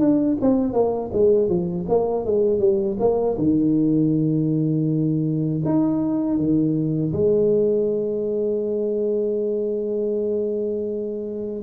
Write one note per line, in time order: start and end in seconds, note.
0.00 0.38 D4
0.41 0.74 C4
0.74 1.11 A#3
1.14 1.49 G#3
1.49 1.86 F3
1.89 2.26 A#3
2.26 2.60 G#3
2.60 2.98 G3
3.00 3.38 A#3
3.38 5.63 D#3
5.65 6.38 D#4
6.38 7.13 D#3
7.13 11.63 G#3